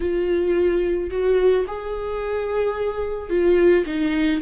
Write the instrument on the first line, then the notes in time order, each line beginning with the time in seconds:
viola
0.00 F4
1.10 F#4
1.67 G#4
3.29 F4
3.86 D#4